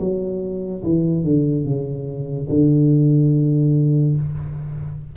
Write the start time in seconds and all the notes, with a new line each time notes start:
0.00 F#3
0.84 E3
1.23 D3
1.65 C#3
2.49 D3